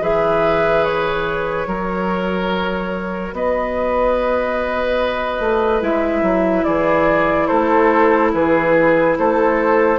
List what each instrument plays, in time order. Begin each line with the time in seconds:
0.00 bassoon E3, clarinet G#4, oboe B4, flute E5
0.84 flute C#5
1.66 bassoon F#3, clarinet F#4, oboe A#4
3.32 bassoon B3, oboe B4, flute D#5
5.40 bassoon A3
5.80 bassoon G#3, clarinet E4, flute E5
6.22 bassoon F#3
6.63 bassoon E3, oboe G#4, flute D5
7.47 bassoon A3, oboe A4, flute C5
8.33 bassoon E3, oboe G#4, flute B4
9.18 bassoon A3, oboe A4, flute C5